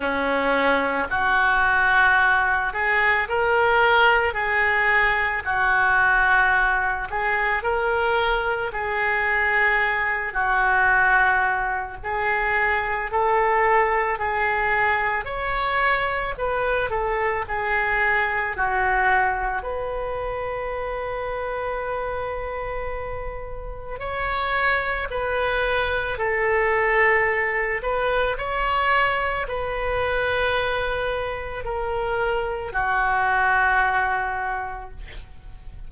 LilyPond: \new Staff \with { instrumentName = "oboe" } { \time 4/4 \tempo 4 = 55 cis'4 fis'4. gis'8 ais'4 | gis'4 fis'4. gis'8 ais'4 | gis'4. fis'4. gis'4 | a'4 gis'4 cis''4 b'8 a'8 |
gis'4 fis'4 b'2~ | b'2 cis''4 b'4 | a'4. b'8 cis''4 b'4~ | b'4 ais'4 fis'2 | }